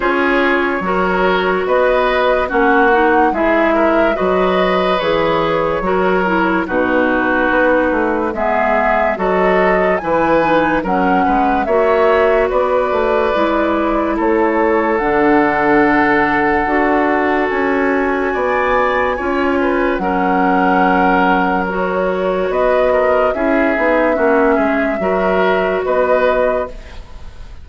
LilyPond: <<
  \new Staff \with { instrumentName = "flute" } { \time 4/4 \tempo 4 = 72 cis''2 dis''4 fis''4 | e''4 dis''4 cis''2 | b'2 e''4 dis''4 | gis''4 fis''4 e''4 d''4~ |
d''4 cis''4 fis''2~ | fis''4 gis''2. | fis''2 cis''4 dis''4 | e''2. dis''4 | }
  \new Staff \with { instrumentName = "oboe" } { \time 4/4 gis'4 ais'4 b'4 fis'4 | gis'8 ais'8 b'2 ais'4 | fis'2 gis'4 a'4 | b'4 ais'8 b'8 cis''4 b'4~ |
b'4 a'2.~ | a'2 d''4 cis''8 b'8 | ais'2. b'8 ais'8 | gis'4 fis'8 gis'8 ais'4 b'4 | }
  \new Staff \with { instrumentName = "clarinet" } { \time 4/4 f'4 fis'2 cis'8 dis'8 | e'4 fis'4 gis'4 fis'8 e'8 | dis'2 b4 fis'4 | e'8 dis'8 cis'4 fis'2 |
e'2 d'2 | fis'2. f'4 | cis'2 fis'2 | e'8 dis'8 cis'4 fis'2 | }
  \new Staff \with { instrumentName = "bassoon" } { \time 4/4 cis'4 fis4 b4 ais4 | gis4 fis4 e4 fis4 | b,4 b8 a8 gis4 fis4 | e4 fis8 gis8 ais4 b8 a8 |
gis4 a4 d2 | d'4 cis'4 b4 cis'4 | fis2. b4 | cis'8 b8 ais8 gis8 fis4 b4 | }
>>